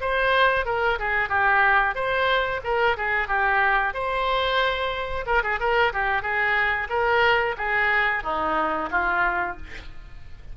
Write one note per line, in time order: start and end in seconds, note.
0.00 0.65 C5
0.65 0.98 A#4
0.98 1.29 G#4
1.29 1.95 G4
1.95 2.60 C5
2.63 2.96 A#4
2.96 3.27 G#4
3.27 3.93 G4
3.93 5.25 C5
5.26 5.42 A#4
5.43 5.59 G#4
5.59 5.92 A#4
5.93 6.22 G4
6.22 6.88 G#4
6.89 7.55 A#4
7.57 8.23 G#4
8.23 8.89 D#4
8.90 9.56 F4